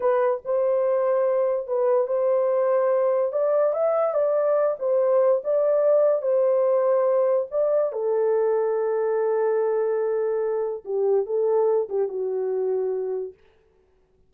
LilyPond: \new Staff \with { instrumentName = "horn" } { \time 4/4 \tempo 4 = 144 b'4 c''2. | b'4 c''2. | d''4 e''4 d''4. c''8~ | c''4 d''2 c''4~ |
c''2 d''4 a'4~ | a'1~ | a'2 g'4 a'4~ | a'8 g'8 fis'2. | }